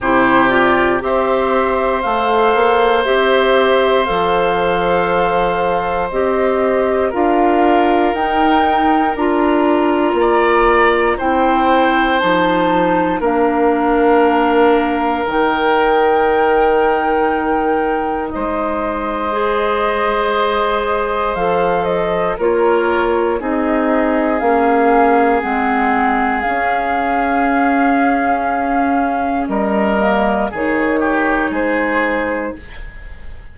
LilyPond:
<<
  \new Staff \with { instrumentName = "flute" } { \time 4/4 \tempo 4 = 59 c''8 d''8 e''4 f''4 e''4 | f''2 dis''4 f''4 | g''4 ais''2 g''4 | a''4 f''2 g''4~ |
g''2 dis''2~ | dis''4 f''8 dis''8 cis''4 dis''4 | f''4 fis''4 f''2~ | f''4 dis''4 cis''4 c''4 | }
  \new Staff \with { instrumentName = "oboe" } { \time 4/4 g'4 c''2.~ | c''2. ais'4~ | ais'2 d''4 c''4~ | c''4 ais'2.~ |
ais'2 c''2~ | c''2 ais'4 gis'4~ | gis'1~ | gis'4 ais'4 gis'8 g'8 gis'4 | }
  \new Staff \with { instrumentName = "clarinet" } { \time 4/4 e'8 f'8 g'4 a'4 g'4 | a'2 g'4 f'4 | dis'4 f'2 e'4 | dis'4 d'2 dis'4~ |
dis'2. gis'4~ | gis'4 a'4 f'4 dis'4 | cis'4 c'4 cis'2~ | cis'4. ais8 dis'2 | }
  \new Staff \with { instrumentName = "bassoon" } { \time 4/4 c4 c'4 a8 ais8 c'4 | f2 c'4 d'4 | dis'4 d'4 ais4 c'4 | f4 ais2 dis4~ |
dis2 gis2~ | gis4 f4 ais4 c'4 | ais4 gis4 cis'2~ | cis'4 g4 dis4 gis4 | }
>>